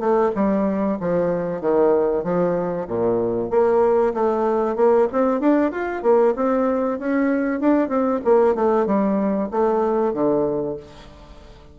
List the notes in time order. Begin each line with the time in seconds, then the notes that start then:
0.00 A3
0.36 G3
1.00 F3
1.61 D#3
2.24 F3
2.88 A#2
3.51 A#3
4.14 A3
4.76 A#3
5.13 C4
5.41 D4
5.72 F4
6.03 A#3
6.36 C4
6.99 C#4
7.60 D4
7.89 C4
8.25 A#3
8.56 A3
8.87 G3
9.51 A3
10.14 D3